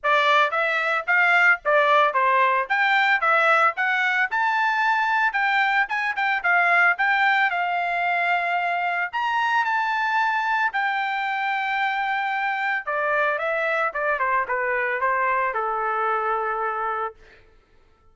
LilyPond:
\new Staff \with { instrumentName = "trumpet" } { \time 4/4 \tempo 4 = 112 d''4 e''4 f''4 d''4 | c''4 g''4 e''4 fis''4 | a''2 g''4 gis''8 g''8 | f''4 g''4 f''2~ |
f''4 ais''4 a''2 | g''1 | d''4 e''4 d''8 c''8 b'4 | c''4 a'2. | }